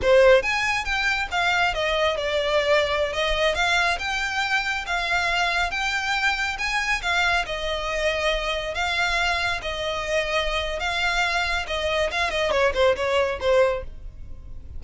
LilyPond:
\new Staff \with { instrumentName = "violin" } { \time 4/4 \tempo 4 = 139 c''4 gis''4 g''4 f''4 | dis''4 d''2~ d''16 dis''8.~ | dis''16 f''4 g''2 f''8.~ | f''4~ f''16 g''2 gis''8.~ |
gis''16 f''4 dis''2~ dis''8.~ | dis''16 f''2 dis''4.~ dis''16~ | dis''4 f''2 dis''4 | f''8 dis''8 cis''8 c''8 cis''4 c''4 | }